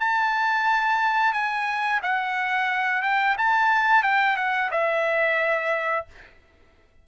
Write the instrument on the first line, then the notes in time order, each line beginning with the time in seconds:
trumpet
0.00 A5
1.33 G#5
2.03 F#5
3.02 G5
3.38 A5
4.03 G5
4.37 F#5
4.71 E5